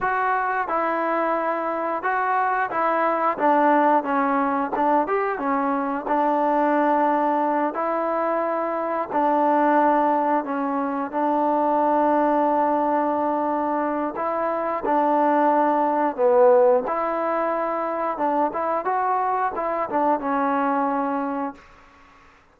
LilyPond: \new Staff \with { instrumentName = "trombone" } { \time 4/4 \tempo 4 = 89 fis'4 e'2 fis'4 | e'4 d'4 cis'4 d'8 g'8 | cis'4 d'2~ d'8 e'8~ | e'4. d'2 cis'8~ |
cis'8 d'2.~ d'8~ | d'4 e'4 d'2 | b4 e'2 d'8 e'8 | fis'4 e'8 d'8 cis'2 | }